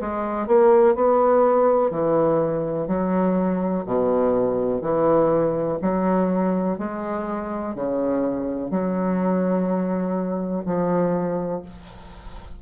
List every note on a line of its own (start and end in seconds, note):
0.00 0.47 G#3
0.47 0.95 A#3
0.95 1.90 B3
1.90 2.87 E3
2.87 3.84 F#3
3.86 4.81 B2
4.81 5.78 E3
5.82 6.78 F#3
6.78 7.75 G#3
7.75 8.71 C#3
8.71 10.64 F#3
10.65 11.62 F3